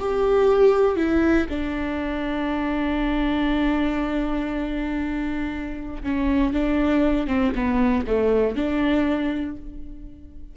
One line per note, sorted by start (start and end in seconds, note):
0.00 0.97 G4
0.97 1.47 E4
1.49 6.03 D4
6.03 6.54 C#4
6.54 7.28 D4
7.28 7.53 C4
7.56 8.06 B3
8.07 8.56 A3
8.56 9.57 D4